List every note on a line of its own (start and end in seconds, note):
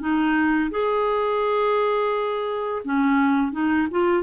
0.00 0.71 D#4
0.71 2.83 G#4
2.85 3.53 C#4
3.53 3.88 D#4
3.91 4.24 F4